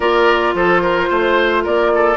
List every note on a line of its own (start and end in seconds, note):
0.00 0.53 A#3
0.00 2.16 F4
0.00 0.54 A#4
0.00 0.54 D5
0.54 1.08 F3
0.54 0.81 A4
0.54 1.64 C5
0.81 1.09 A#4
1.09 1.65 A3
1.09 1.63 C5
1.63 2.16 A#3
1.63 1.91 A#4
1.63 2.16 D5
1.94 2.16 A4